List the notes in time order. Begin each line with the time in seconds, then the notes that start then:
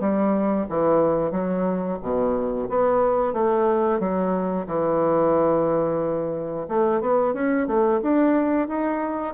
0.00 G3
0.70 E3
1.32 F#3
2.02 B2
2.69 B3
3.33 A3
4.00 F#3
4.67 E3
6.68 A3
7.01 B3
7.34 C#4
7.67 A3
8.03 D4
8.68 D#4